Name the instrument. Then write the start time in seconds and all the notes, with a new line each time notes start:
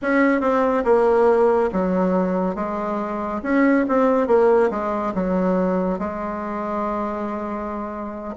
bassoon
0.02 C#4
0.41 C4
0.84 A#3
1.72 F#3
2.55 G#3
3.42 C#4
3.88 C4
4.27 A#3
4.70 G#3
5.14 F#3
5.98 G#3